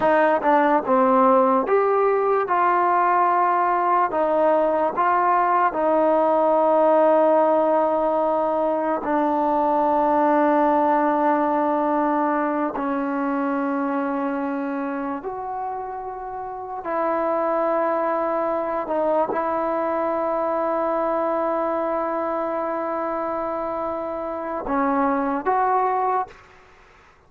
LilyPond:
\new Staff \with { instrumentName = "trombone" } { \time 4/4 \tempo 4 = 73 dis'8 d'8 c'4 g'4 f'4~ | f'4 dis'4 f'4 dis'4~ | dis'2. d'4~ | d'2.~ d'8 cis'8~ |
cis'2~ cis'8 fis'4.~ | fis'8 e'2~ e'8 dis'8 e'8~ | e'1~ | e'2 cis'4 fis'4 | }